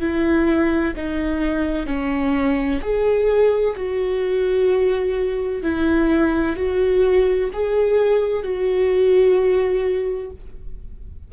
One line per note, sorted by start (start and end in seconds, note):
0.00 0.94 E4
0.96 1.86 D#4
1.86 2.80 C#4
2.81 3.75 G#4
3.76 5.62 F#4
5.62 6.56 E4
6.56 7.50 F#4
7.53 8.43 G#4
8.43 10.30 F#4